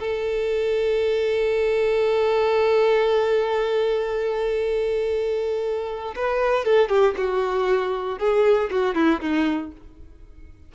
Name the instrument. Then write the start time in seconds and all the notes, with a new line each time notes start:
violin
0.00 A4
6.16 B4
6.65 A4
6.90 G4
7.17 F#4
8.19 G#4
8.71 F#4
8.95 E4
9.21 D#4